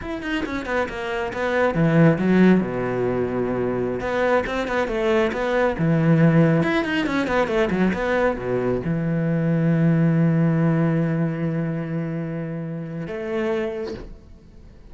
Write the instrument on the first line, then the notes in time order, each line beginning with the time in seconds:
cello
0.01 E4
0.22 D#4
0.45 C#4
0.65 B3
0.89 A#3
1.33 B3
1.74 E3
2.18 F#3
2.60 B2
4.00 B3
4.46 C4
4.67 B3
4.87 A3
5.32 B3
5.78 E3
6.62 E4
6.84 D#4
7.06 C#4
7.27 B3
7.47 A3
7.70 F#3
7.93 B3
8.37 B2
8.84 E3
13.07 A3